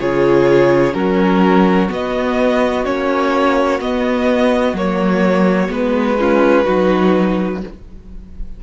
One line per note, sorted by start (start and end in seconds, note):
0.00 0.95 C#3
0.00 0.94 F4
0.00 0.96 G#4
0.00 0.94 C#5
0.94 1.90 F#3
0.94 1.89 C#4
0.94 6.19 F#4
0.94 1.89 A#4
1.89 2.84 B3
1.89 2.87 B3
1.89 2.86 D#5
2.85 3.80 A#3
2.85 3.81 C#4
2.85 3.81 C#5
3.80 4.74 B3
3.80 4.76 B3
3.80 4.77 D#5
4.74 5.69 F#3
4.74 5.69 A#3
4.74 5.73 C#5
5.69 6.65 G#3
5.69 6.16 B3
5.69 7.63 B4
6.20 6.66 C#4
6.20 6.65 F4
6.65 7.63 F#3
6.65 7.61 D#4
6.65 7.60 F#4